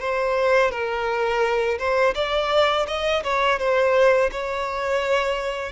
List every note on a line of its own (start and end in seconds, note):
0.00 0.71 C5
0.71 1.79 A#4
1.79 2.14 C5
2.15 2.86 D5
2.88 3.23 D#5
3.24 3.59 C#5
3.59 4.31 C5
4.32 5.72 C#5